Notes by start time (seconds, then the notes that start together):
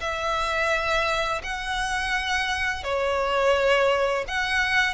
0.00 E5
1.43 F#5
2.83 C#5
4.27 F#5